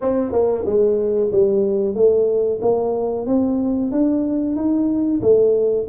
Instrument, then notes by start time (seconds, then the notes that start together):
tuba
0.01 C4
0.31 A#3
0.65 G#3
1.32 G3
1.94 A3
2.61 A#3
3.26 C4
3.91 D4
4.55 D#4
5.21 A3